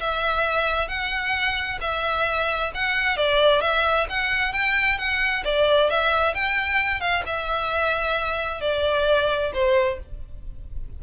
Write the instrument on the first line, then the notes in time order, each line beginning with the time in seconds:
violin
0.00 E5
0.88 F#5
1.81 E5
2.74 F#5
3.17 D5
3.61 E5
4.09 F#5
4.53 G5
4.98 F#5
5.45 D5
5.90 E5
6.35 G5
7.01 F5
7.26 E5
8.61 D5
9.54 C5